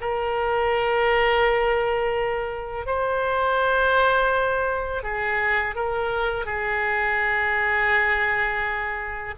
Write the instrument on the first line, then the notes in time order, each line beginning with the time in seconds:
oboe
0.00 A#4
2.86 C5
5.03 G#4
5.75 A#4
6.45 G#4